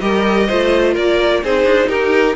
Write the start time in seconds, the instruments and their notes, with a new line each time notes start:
0.00 cello G3, viola G4, violin A#4 D#5
0.46 cello A3, viola F4, violin C5
0.93 cello A#3, violin A#4 D5
1.43 cello C4, viola D#4, violin G#4 C5
1.64 cello D4
1.88 cello D#4, violin G4 A#4